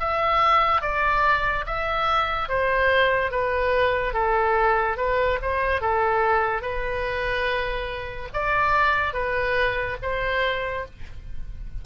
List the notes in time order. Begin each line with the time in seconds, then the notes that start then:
0.00 E5
0.82 D5
1.67 E5
2.49 C5
3.32 B4
4.14 A4
4.98 B4
5.42 C5
5.81 A4
6.62 B4
8.34 D5
9.14 B4
10.03 C5